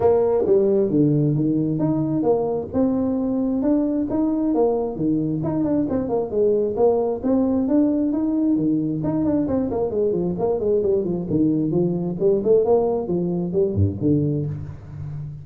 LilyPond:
\new Staff \with { instrumentName = "tuba" } { \time 4/4 \tempo 4 = 133 ais4 g4 d4 dis4 | dis'4 ais4 c'2 | d'4 dis'4 ais4 dis4 | dis'8 d'8 c'8 ais8 gis4 ais4 |
c'4 d'4 dis'4 dis4 | dis'8 d'8 c'8 ais8 gis8 f8 ais8 gis8 | g8 f8 dis4 f4 g8 a8 | ais4 f4 g8 g,8 d4 | }